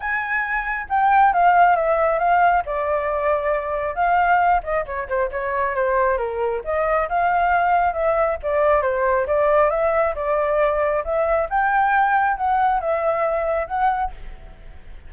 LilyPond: \new Staff \with { instrumentName = "flute" } { \time 4/4 \tempo 4 = 136 gis''2 g''4 f''4 | e''4 f''4 d''2~ | d''4 f''4. dis''8 cis''8 c''8 | cis''4 c''4 ais'4 dis''4 |
f''2 e''4 d''4 | c''4 d''4 e''4 d''4~ | d''4 e''4 g''2 | fis''4 e''2 fis''4 | }